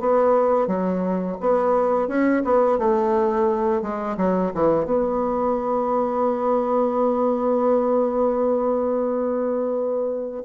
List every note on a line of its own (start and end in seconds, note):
0.00 0.67 B3
0.67 1.37 F#3
1.40 2.08 B3
2.08 2.43 C#4
2.44 2.78 B3
2.78 3.82 A3
3.82 4.17 G#3
4.17 4.52 F#3
4.54 4.86 E3
4.86 10.44 B3